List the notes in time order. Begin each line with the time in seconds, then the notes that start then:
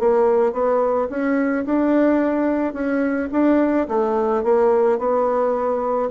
0.00 A#3
0.53 B3
1.10 C#4
1.66 D4
2.74 C#4
3.32 D4
3.89 A3
4.44 A#3
4.99 B3